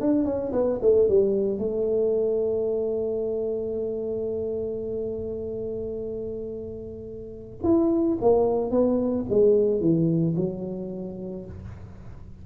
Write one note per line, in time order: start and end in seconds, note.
0.00 0.25 D4
0.25 0.52 C#4
0.52 0.79 B3
0.82 1.08 A3
1.08 1.58 G3
1.58 7.58 A3
7.63 8.18 E4
8.21 8.71 A#3
8.71 9.25 B3
9.30 9.80 G#3
9.80 10.35 E3
10.36 11.45 F#3